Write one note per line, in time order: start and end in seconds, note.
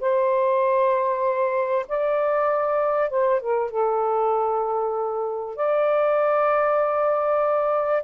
0.00 1.86 C5
1.88 3.10 D5
3.10 3.40 C5
3.40 3.70 A#4
3.70 5.56 A4
5.56 8.03 D5